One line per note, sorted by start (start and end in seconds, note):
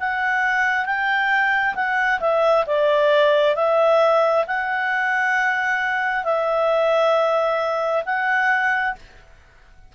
0.00 0.85 F#5
0.85 1.75 G5
1.75 2.20 F#5
2.21 2.65 E5
2.67 3.56 D5
3.56 4.45 E5
4.48 6.25 F#5
6.25 8.04 E5
8.06 8.96 F#5